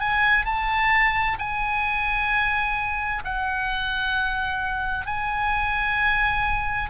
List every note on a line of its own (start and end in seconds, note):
0.00 0.45 G#5
0.45 1.38 A5
1.39 3.23 G#5
3.24 5.06 F#5
5.06 6.90 G#5